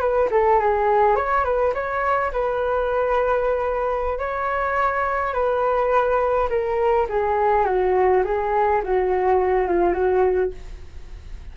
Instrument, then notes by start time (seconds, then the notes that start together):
flute
0.00 B4
0.31 A4
0.60 G#4
1.16 C#5
1.45 B4
1.74 C#5
2.32 B4
4.19 C#5
5.34 B4
6.50 A#4
7.09 G#4
7.66 F#4
8.24 G#4
8.84 F#4
9.67 F4
9.93 F#4